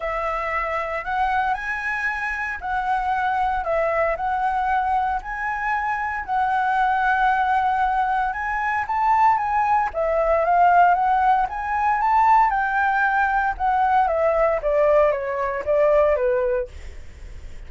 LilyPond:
\new Staff \with { instrumentName = "flute" } { \time 4/4 \tempo 4 = 115 e''2 fis''4 gis''4~ | gis''4 fis''2 e''4 | fis''2 gis''2 | fis''1 |
gis''4 a''4 gis''4 e''4 | f''4 fis''4 gis''4 a''4 | g''2 fis''4 e''4 | d''4 cis''4 d''4 b'4 | }